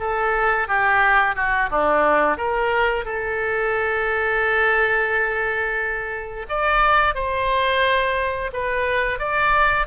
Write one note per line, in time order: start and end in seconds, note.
0.00 0.68 A4
0.68 1.35 G4
1.35 1.69 F#4
1.70 2.37 D4
2.37 3.05 A#4
3.05 6.46 A4
6.49 7.15 D5
7.15 8.51 C5
8.53 9.19 B4
9.19 9.87 D5